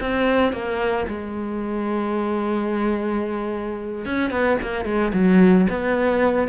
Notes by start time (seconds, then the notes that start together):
0.00 C4
0.52 A#3
1.08 G#3
4.05 C#4
4.30 B3
4.62 A#3
4.85 G#3
5.13 F#3
5.69 B3